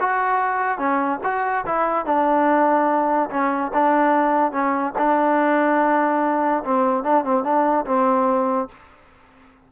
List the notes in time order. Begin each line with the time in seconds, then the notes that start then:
0.00 F#4
0.78 C#4
1.23 F#4
1.66 E4
2.05 D4
3.30 C#4
3.73 D4
4.52 C#4
4.98 D4
6.64 C4
7.04 D4
7.24 C4
7.44 D4
7.85 C4